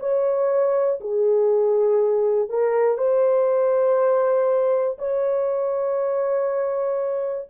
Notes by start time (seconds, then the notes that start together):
0.00 C#5
1.00 G#4
2.49 A#4
2.98 C5
4.99 C#5